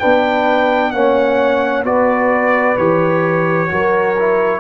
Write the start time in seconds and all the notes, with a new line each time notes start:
0.00 B3 D4 B4 G5
0.91 A#3 C#4 C#5 F#5
1.84 B3 F#4 B4 D5
2.78 E3 G4 C#5
3.69 F#3 F#4 A#4
4.19 E4